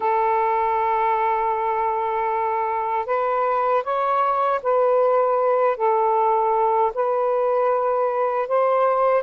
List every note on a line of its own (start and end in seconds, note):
0.00 3.06 A4
3.06 3.83 B4
3.83 4.60 C#5
4.63 5.76 B4
5.76 6.92 A4
6.94 8.48 B4
8.48 9.22 C5